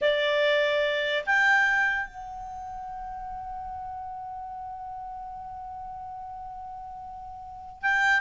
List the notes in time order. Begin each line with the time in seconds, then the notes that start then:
0.01 D5
1.26 G5
2.06 F#5
7.82 G5